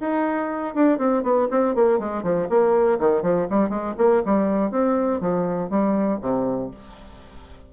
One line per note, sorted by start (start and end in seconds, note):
0.00 0.74 D#4
0.75 0.98 D4
0.98 1.23 C4
1.23 1.48 B3
1.51 1.75 C4
1.75 1.99 A#3
1.99 2.23 G#3
2.23 2.48 F3
2.49 2.99 A#3
2.99 3.22 D#3
3.22 3.47 F3
3.50 3.69 G3
3.69 3.94 G#3
3.98 4.22 A#3
4.25 4.71 G3
4.71 5.20 C4
5.20 5.70 F3
5.70 6.19 G3
6.21 6.71 C3